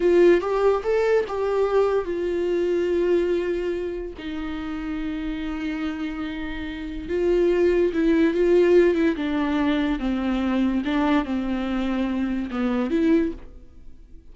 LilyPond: \new Staff \with { instrumentName = "viola" } { \time 4/4 \tempo 4 = 144 f'4 g'4 a'4 g'4~ | g'4 f'2.~ | f'2 dis'2~ | dis'1~ |
dis'4 f'2 e'4 | f'4. e'8 d'2 | c'2 d'4 c'4~ | c'2 b4 e'4 | }